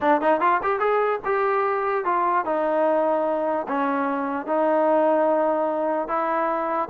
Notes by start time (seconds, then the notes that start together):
0.00 D4
0.21 D#4
0.40 F4
0.62 G4
0.79 G#4
1.24 G4
2.04 F4
2.45 D#4
3.68 C#4
4.46 D#4
6.07 E4